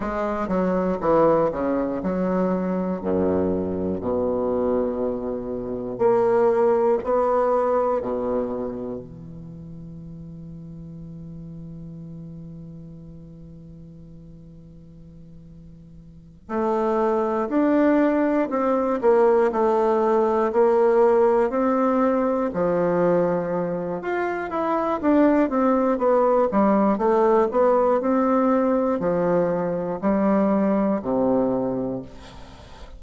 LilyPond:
\new Staff \with { instrumentName = "bassoon" } { \time 4/4 \tempo 4 = 60 gis8 fis8 e8 cis8 fis4 fis,4 | b,2 ais4 b4 | b,4 e2.~ | e1~ |
e8 a4 d'4 c'8 ais8 a8~ | a8 ais4 c'4 f4. | f'8 e'8 d'8 c'8 b8 g8 a8 b8 | c'4 f4 g4 c4 | }